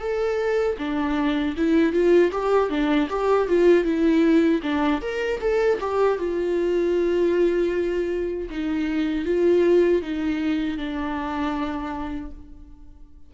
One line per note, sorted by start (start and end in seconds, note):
0.00 0.77 A4
0.78 1.55 D4
1.57 1.93 E4
1.93 2.31 F4
2.32 2.70 G4
2.70 3.08 D4
3.10 3.48 G4
3.48 3.85 F4
3.85 4.62 E4
4.63 5.01 D4
5.02 5.40 A#4
5.41 5.79 A4
5.81 6.19 G4
6.19 8.50 F4
8.50 9.25 D#4
9.25 10.02 F4
10.02 10.78 D#4
10.78 12.31 D4